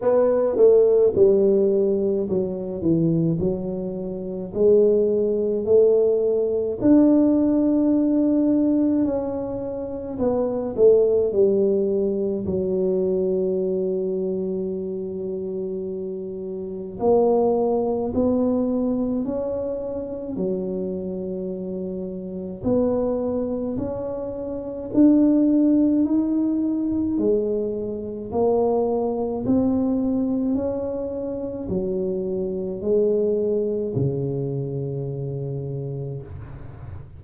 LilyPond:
\new Staff \with { instrumentName = "tuba" } { \time 4/4 \tempo 4 = 53 b8 a8 g4 fis8 e8 fis4 | gis4 a4 d'2 | cis'4 b8 a8 g4 fis4~ | fis2. ais4 |
b4 cis'4 fis2 | b4 cis'4 d'4 dis'4 | gis4 ais4 c'4 cis'4 | fis4 gis4 cis2 | }